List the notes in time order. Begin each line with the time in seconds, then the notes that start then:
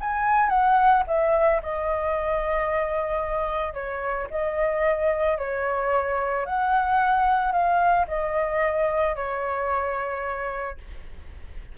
0.00 G#5
0.49 F#5
1.07 E5
1.62 D#5
3.73 C#5
4.30 D#5
5.38 C#5
6.45 F#5
7.52 F5
8.07 D#5
9.15 C#5